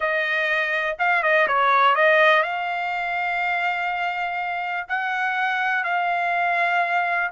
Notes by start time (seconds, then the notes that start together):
0.00 D#5
0.98 F5
1.22 D#5
1.47 C#5
1.95 D#5
2.43 F5
4.88 F#5
5.84 F5